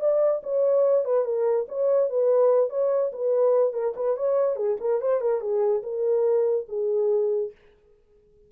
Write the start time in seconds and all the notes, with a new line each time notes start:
0.00 D5
0.43 C#5
1.05 B4
1.25 A#4
1.68 C#5
2.10 B4
2.70 C#5
3.13 B4
3.73 A#4
3.96 B4
4.17 C#5
4.56 G#4
4.80 A#4
5.01 C5
5.21 A#4
5.41 G#4
5.83 A#4
6.69 G#4